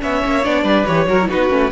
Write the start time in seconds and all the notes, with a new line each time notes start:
0.00 B3 C#4 C#5 E5
0.25 A#3
0.44 B3 D4 D5
0.63 G3 B4
0.85 E3 G4 C#5
1.06 F#3 F#4 A#4
1.21 E4
1.28 B3 D#4 F#4 B4
1.50 A3 C#4